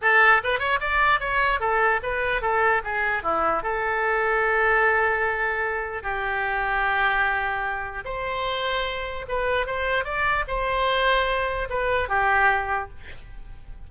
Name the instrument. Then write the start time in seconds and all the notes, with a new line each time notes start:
oboe
0.01 A4
0.43 B4
0.59 C#5
0.80 D5
1.20 C#5
1.60 A4
2.03 B4
2.41 A4
2.84 G#4
3.22 E4
3.63 A4
6.02 G4
8.04 C5
9.28 B4
9.66 C5
10.04 D5
10.47 C5
11.69 B4
12.09 G4